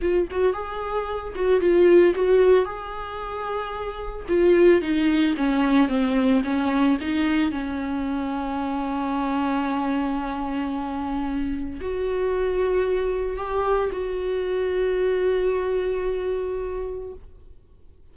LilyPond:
\new Staff \with { instrumentName = "viola" } { \time 4/4 \tempo 4 = 112 f'8 fis'8 gis'4. fis'8 f'4 | fis'4 gis'2. | f'4 dis'4 cis'4 c'4 | cis'4 dis'4 cis'2~ |
cis'1~ | cis'2 fis'2~ | fis'4 g'4 fis'2~ | fis'1 | }